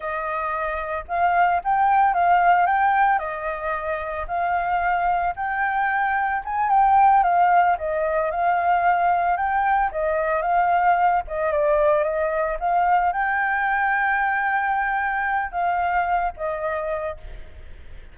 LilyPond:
\new Staff \with { instrumentName = "flute" } { \time 4/4 \tempo 4 = 112 dis''2 f''4 g''4 | f''4 g''4 dis''2 | f''2 g''2 | gis''8 g''4 f''4 dis''4 f''8~ |
f''4. g''4 dis''4 f''8~ | f''4 dis''8 d''4 dis''4 f''8~ | f''8 g''2.~ g''8~ | g''4 f''4. dis''4. | }